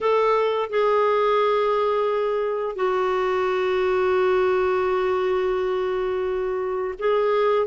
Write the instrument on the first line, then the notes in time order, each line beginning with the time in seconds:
clarinet
0.00 A4
0.69 G#4
2.75 F#4
6.99 G#4